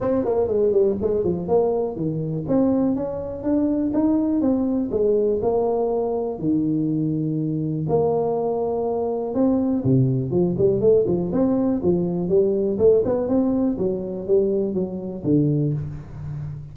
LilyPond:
\new Staff \with { instrumentName = "tuba" } { \time 4/4 \tempo 4 = 122 c'8 ais8 gis8 g8 gis8 f8 ais4 | dis4 c'4 cis'4 d'4 | dis'4 c'4 gis4 ais4~ | ais4 dis2. |
ais2. c'4 | c4 f8 g8 a8 f8 c'4 | f4 g4 a8 b8 c'4 | fis4 g4 fis4 d4 | }